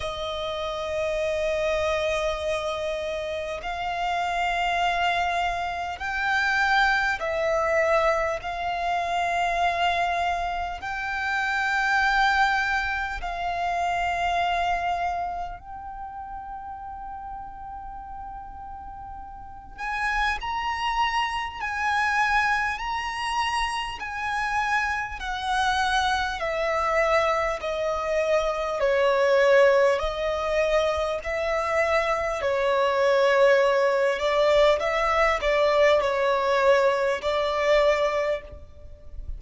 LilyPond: \new Staff \with { instrumentName = "violin" } { \time 4/4 \tempo 4 = 50 dis''2. f''4~ | f''4 g''4 e''4 f''4~ | f''4 g''2 f''4~ | f''4 g''2.~ |
g''8 gis''8 ais''4 gis''4 ais''4 | gis''4 fis''4 e''4 dis''4 | cis''4 dis''4 e''4 cis''4~ | cis''8 d''8 e''8 d''8 cis''4 d''4 | }